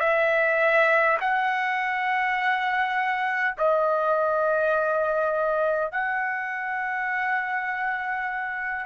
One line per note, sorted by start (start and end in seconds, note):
0.00 1.18 E5
1.20 3.56 F#5
3.58 5.91 D#5
5.91 8.86 F#5